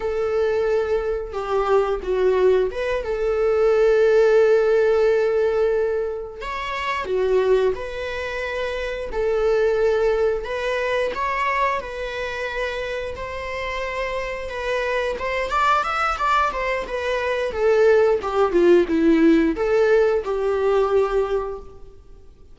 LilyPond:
\new Staff \with { instrumentName = "viola" } { \time 4/4 \tempo 4 = 89 a'2 g'4 fis'4 | b'8 a'2.~ a'8~ | a'4. cis''4 fis'4 b'8~ | b'4. a'2 b'8~ |
b'8 cis''4 b'2 c''8~ | c''4. b'4 c''8 d''8 e''8 | d''8 c''8 b'4 a'4 g'8 f'8 | e'4 a'4 g'2 | }